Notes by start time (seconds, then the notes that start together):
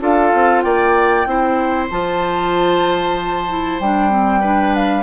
0.00 D4 F4 A4 F5
0.34 C4
0.61 A#3 D5 G5
1.26 C4 E4 C5
1.91 F3 F4 A5
3.49 E4
3.80 G3 D4 G5
4.10 C4
4.40 D4 B4
4.75 F5